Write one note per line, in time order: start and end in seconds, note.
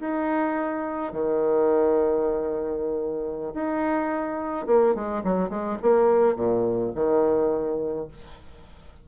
0.00 1.12 D#4
1.12 3.53 D#3
3.54 4.66 D#4
4.66 4.95 A#3
4.95 5.23 G#3
5.24 5.49 F#3
5.49 5.78 G#3
5.82 6.36 A#3
6.36 6.92 A#2
6.95 8.08 D#3